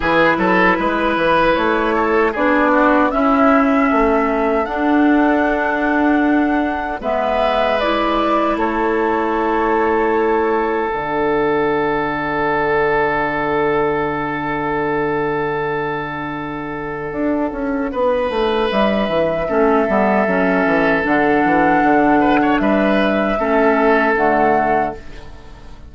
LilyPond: <<
  \new Staff \with { instrumentName = "flute" } { \time 4/4 \tempo 4 = 77 b'2 cis''4 d''4 | e''2 fis''2~ | fis''4 e''4 d''4 cis''4~ | cis''2 fis''2~ |
fis''1~ | fis''1 | e''2. fis''4~ | fis''4 e''2 fis''4 | }
  \new Staff \with { instrumentName = "oboe" } { \time 4/4 gis'8 a'8 b'4. a'8 gis'8 fis'8 | e'4 a'2.~ | a'4 b'2 a'4~ | a'1~ |
a'1~ | a'2. b'4~ | b'4 a'2.~ | a'8 b'16 cis''16 b'4 a'2 | }
  \new Staff \with { instrumentName = "clarinet" } { \time 4/4 e'2. d'4 | cis'2 d'2~ | d'4 b4 e'2~ | e'2 d'2~ |
d'1~ | d'1~ | d'4 cis'8 b8 cis'4 d'4~ | d'2 cis'4 a4 | }
  \new Staff \with { instrumentName = "bassoon" } { \time 4/4 e8 fis8 gis8 e8 a4 b4 | cis'4 a4 d'2~ | d'4 gis2 a4~ | a2 d2~ |
d1~ | d2 d'8 cis'8 b8 a8 | g8 e8 a8 g8 fis8 e8 d8 e8 | d4 g4 a4 d4 | }
>>